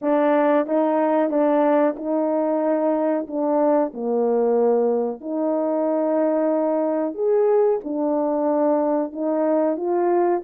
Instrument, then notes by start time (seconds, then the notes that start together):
horn
0.01 D4
0.66 D#4
1.30 D4
1.96 D#4
3.27 D4
3.93 A#3
5.20 D#4
7.14 G#4
7.83 D4
9.12 D#4
9.76 F4